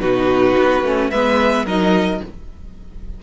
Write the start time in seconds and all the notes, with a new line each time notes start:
0.00 B2 D#4 F#4 B4
0.58 B3
0.84 A3 C#4
1.11 G#3 B3 B4 E5
1.66 F#3 D#4 A#4 D#5